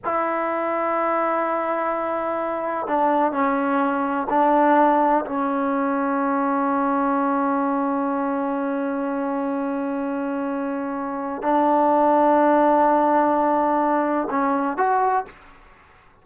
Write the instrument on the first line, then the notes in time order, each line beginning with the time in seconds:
trombone
0.04 E4
2.87 D4
3.32 C#4
4.29 D4
5.25 C#4
11.42 D4
14.30 C#4
14.77 F#4